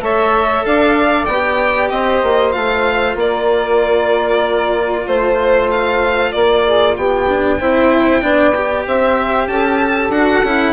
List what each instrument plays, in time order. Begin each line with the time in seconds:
0.00 bassoon A3, cello A4, saxophone C#5, violin E5
0.66 bassoon D4, saxophone D5, violin F5
1.25 bassoon B3, cello G4, violin G5
1.90 bassoon C4, saxophone C5, violin D#5
2.23 bassoon A#3
2.52 bassoon A3, cello F4, violin F5
3.16 bassoon A#3, saxophone A#4, violin D5
5.07 bassoon A3, violin C5, saxophone C5
5.71 violin F5
6.32 bassoon A#3, saxophone A#4, violin D5
6.66 saxophone G#4
6.95 bassoon B3, saxophone G4, violin G5
7.28 cello D4
7.59 bassoon C4, cello E4, saxophone C5
8.22 bassoon B3, cello D4, saxophone D5
8.55 cello G4
8.87 bassoon C4, saxophone C5, violin E5
9.48 bassoon C#4, saxophone A4, violin A5
10.09 bassoon D4, cello F#4, violin F#5
10.44 bassoon C#4, cello E4